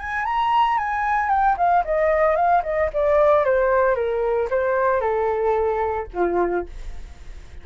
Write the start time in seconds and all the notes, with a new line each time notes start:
0.00 G#5
0.26 A#5
0.78 G#5
1.30 G5
1.58 F5
1.85 D#5
2.36 F5
2.64 D#5
2.94 D5
3.46 C5
3.96 A#4
4.51 C5
5.01 A4
6.14 F4